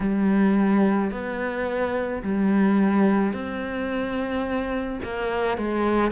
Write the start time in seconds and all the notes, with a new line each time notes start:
0.00 G3
1.11 B3
2.22 G3
3.33 C4
5.03 A#3
5.57 G#3